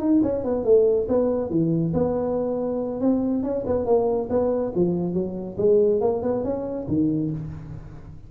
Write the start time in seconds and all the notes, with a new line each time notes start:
0.00 D#4
0.23 C#4
0.44 B3
0.64 A3
1.09 B3
1.50 E3
1.94 B3
3.01 C4
3.43 C#4
3.67 B3
3.86 A#3
4.30 B3
4.76 F3
5.14 F#3
5.58 G#3
6.01 A#3
6.23 B3
6.44 C#4
6.88 D#3